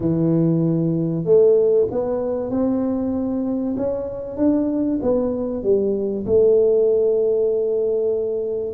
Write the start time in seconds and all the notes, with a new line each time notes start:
0.00 E3
1.24 A3
1.91 B3
2.50 C4
3.76 C#4
4.37 D4
5.01 B3
5.63 G3
6.26 A3